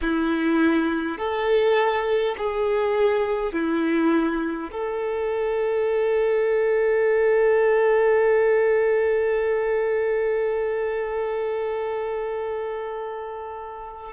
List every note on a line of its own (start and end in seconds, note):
0.01 1.18 E4
1.18 2.35 A4
2.37 3.52 G#4
3.52 4.70 E4
4.71 14.12 A4